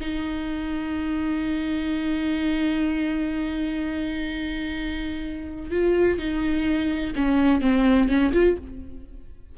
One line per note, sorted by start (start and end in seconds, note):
0.00 5.70 D#4
5.70 6.18 F4
6.18 7.13 D#4
7.15 7.61 C#4
7.61 8.08 C4
8.08 8.32 C#4
8.33 8.56 F4